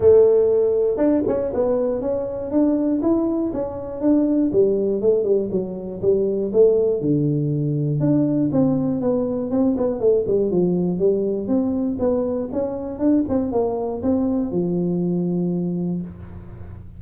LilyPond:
\new Staff \with { instrumentName = "tuba" } { \time 4/4 \tempo 4 = 120 a2 d'8 cis'8 b4 | cis'4 d'4 e'4 cis'4 | d'4 g4 a8 g8 fis4 | g4 a4 d2 |
d'4 c'4 b4 c'8 b8 | a8 g8 f4 g4 c'4 | b4 cis'4 d'8 c'8 ais4 | c'4 f2. | }